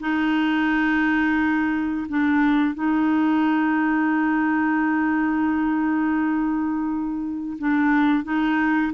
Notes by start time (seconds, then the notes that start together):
0.00 D#4
2.08 D4
2.74 D#4
7.59 D4
8.24 D#4